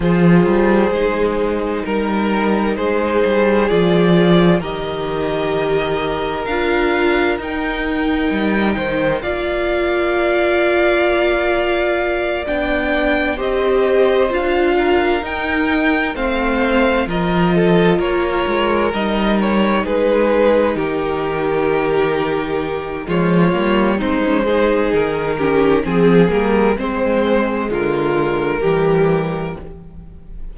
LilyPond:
<<
  \new Staff \with { instrumentName = "violin" } { \time 4/4 \tempo 4 = 65 c''2 ais'4 c''4 | d''4 dis''2 f''4 | g''2 f''2~ | f''4. g''4 dis''4 f''8~ |
f''8 g''4 f''4 dis''4 cis''8~ | cis''8 dis''8 cis''8 b'4 ais'4.~ | ais'4 cis''4 c''4 ais'4 | gis'8 ais'8 c''4 ais'2 | }
  \new Staff \with { instrumentName = "violin" } { \time 4/4 gis'2 ais'4 gis'4~ | gis'4 ais'2.~ | ais'4. c''8 d''2~ | d''2~ d''8 c''4. |
ais'4. c''4 ais'8 a'8 ais'8~ | ais'4. gis'4 g'4.~ | g'4 f'4 dis'8 gis'4 g'8 | gis'4 c'4 f'4 g'4 | }
  \new Staff \with { instrumentName = "viola" } { \time 4/4 f'4 dis'2. | f'4 g'2 f'4 | dis'2 f'2~ | f'4. d'4 g'4 f'8~ |
f'8 dis'4 c'4 f'4.~ | f'8 dis'2.~ dis'8~ | dis'4 gis8 ais8 c'16 cis'16 dis'4 cis'8 | c'8 ais8 gis2 g4 | }
  \new Staff \with { instrumentName = "cello" } { \time 4/4 f8 g8 gis4 g4 gis8 g8 | f4 dis2 d'4 | dis'4 g8 dis8 ais2~ | ais4. b4 c'4 d'8~ |
d'8 dis'4 a4 f4 ais8 | gis8 g4 gis4 dis4.~ | dis4 f8 g8 gis4 dis4 | f8 g8 gis4 d4 e4 | }
>>